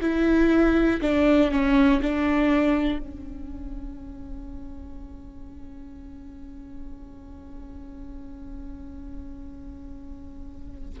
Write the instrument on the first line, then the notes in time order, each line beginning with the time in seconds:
viola
0.00 E4
1.01 D4
1.51 C#4
2.02 D4
2.98 C#4